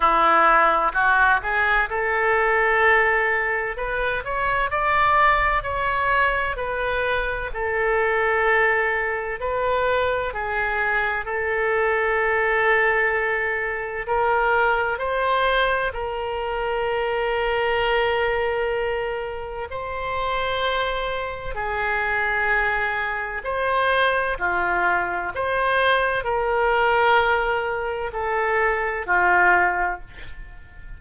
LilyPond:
\new Staff \with { instrumentName = "oboe" } { \time 4/4 \tempo 4 = 64 e'4 fis'8 gis'8 a'2 | b'8 cis''8 d''4 cis''4 b'4 | a'2 b'4 gis'4 | a'2. ais'4 |
c''4 ais'2.~ | ais'4 c''2 gis'4~ | gis'4 c''4 f'4 c''4 | ais'2 a'4 f'4 | }